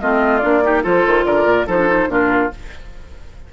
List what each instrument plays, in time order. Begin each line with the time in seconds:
0.00 bassoon A3, clarinet C4, oboe F4, flute D#5
0.38 bassoon A#3, clarinet D4, flute D5
0.62 clarinet D#4, oboe G4
0.83 bassoon F3, clarinet F4, oboe A4, flute C5
1.06 bassoon D#3
1.25 bassoon D3, oboe A#4, flute D5
1.45 bassoon A#2
1.66 bassoon F3, clarinet D#4, oboe A4, flute C5
1.78 clarinet D4
1.87 clarinet D#4
2.08 bassoon A#2, clarinet D4, oboe F4, flute A#4